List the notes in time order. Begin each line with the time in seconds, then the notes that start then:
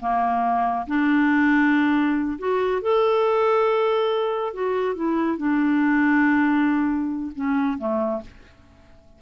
0.00 A#3
0.87 D4
2.39 F#4
2.82 A4
4.53 F#4
4.96 E4
5.38 D4
7.36 C#4
7.78 A3